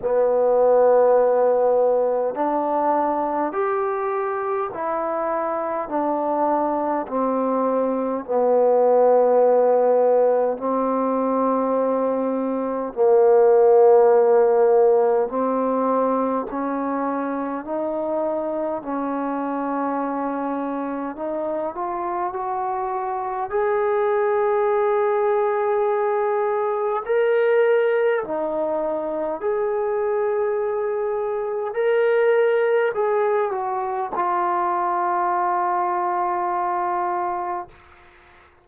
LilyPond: \new Staff \with { instrumentName = "trombone" } { \time 4/4 \tempo 4 = 51 b2 d'4 g'4 | e'4 d'4 c'4 b4~ | b4 c'2 ais4~ | ais4 c'4 cis'4 dis'4 |
cis'2 dis'8 f'8 fis'4 | gis'2. ais'4 | dis'4 gis'2 ais'4 | gis'8 fis'8 f'2. | }